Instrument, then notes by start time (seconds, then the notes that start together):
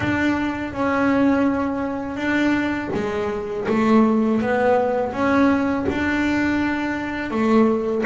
double bass
0.00 D4
0.73 C#4
2.16 D4
2.94 G#3
3.68 A3
4.41 B3
5.12 C#4
5.89 D4
7.30 A3